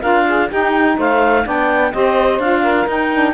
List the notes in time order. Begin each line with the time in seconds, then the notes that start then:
0.00 D4 F4 A#4 F5
0.28 G#4
0.48 D#4 G4 G5
0.97 A3 C5 F5
1.45 B3 D4 D5 G5
1.93 C4 G4 C5 D#5
2.38 D4 F4 F5
2.61 A#4
2.87 D#4 G5
3.13 D4